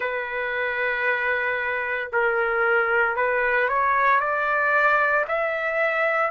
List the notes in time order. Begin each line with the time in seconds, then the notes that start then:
0.00 B4
2.12 A#4
3.16 B4
3.68 C#5
4.20 D5
5.28 E5